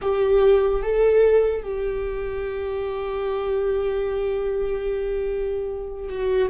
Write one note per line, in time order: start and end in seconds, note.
0.01 0.82 G4
0.82 1.63 A4
1.63 6.08 G4
6.08 6.49 F#4